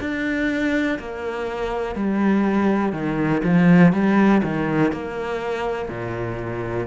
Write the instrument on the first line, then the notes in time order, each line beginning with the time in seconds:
cello
0.00 D4
0.99 A#3
1.95 G3
2.92 D#3
3.44 F3
3.93 G3
4.43 D#3
4.92 A#3
5.89 A#2